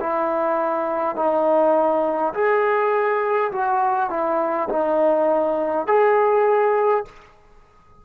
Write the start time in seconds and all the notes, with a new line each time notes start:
0.00 E4
1.16 D#4
2.33 G#4
3.51 F#4
4.10 E4
4.69 D#4
5.87 G#4